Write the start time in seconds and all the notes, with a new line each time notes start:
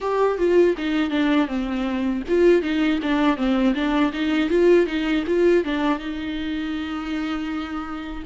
0.00 G4
0.38 F4
0.77 D#4
1.09 D4
1.47 C4
2.28 F4
2.62 D#4
3.02 D4
3.36 C4
3.74 D4
4.12 D#4
4.49 F4
4.86 D#4
5.26 F4
5.64 D4
5.98 D#4